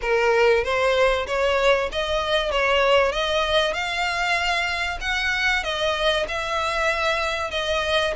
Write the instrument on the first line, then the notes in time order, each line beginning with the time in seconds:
violin
0.01 A#4
0.63 C5
1.27 C#5
1.91 D#5
2.51 C#5
3.12 D#5
3.73 F5
5.01 F#5
5.63 D#5
6.28 E5
7.51 D#5